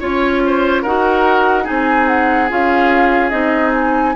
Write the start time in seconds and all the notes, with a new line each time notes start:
0.00 C#4 F4 C#5
0.46 C5
0.82 D#4 F#4 A#4 F#5
1.64 C4 D#4 G#4 G#5
2.08 F#5
2.49 C#4 F4 F5
3.30 C4 D#4 D#5
3.74 G#5